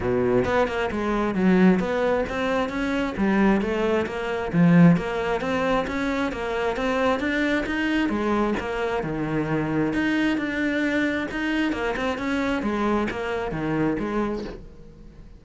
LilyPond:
\new Staff \with { instrumentName = "cello" } { \time 4/4 \tempo 4 = 133 b,4 b8 ais8 gis4 fis4 | b4 c'4 cis'4 g4 | a4 ais4 f4 ais4 | c'4 cis'4 ais4 c'4 |
d'4 dis'4 gis4 ais4 | dis2 dis'4 d'4~ | d'4 dis'4 ais8 c'8 cis'4 | gis4 ais4 dis4 gis4 | }